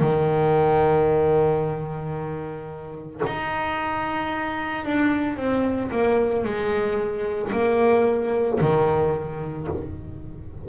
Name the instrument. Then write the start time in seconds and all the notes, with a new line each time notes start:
double bass
0.00 D#3
3.26 D#4
4.85 D4
5.37 C4
5.91 A#3
6.44 G#3
7.52 A#3
8.60 D#3